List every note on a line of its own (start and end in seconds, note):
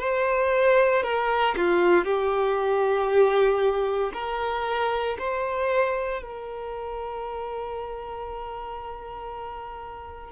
0.00 1.03 C5
1.03 1.55 A#4
1.57 2.05 F4
2.05 4.12 G4
4.14 5.18 A#4
5.19 6.23 C5
6.23 10.33 A#4